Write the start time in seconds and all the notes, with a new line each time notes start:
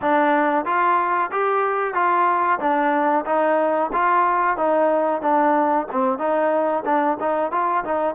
0.01 D4
0.65 F4
1.31 G4
1.94 F4
2.59 D4
3.25 D#4
3.92 F4
4.57 D#4
5.21 D4
5.91 C4
6.18 D#4
6.85 D4
7.19 D#4
7.51 F4
7.84 D#4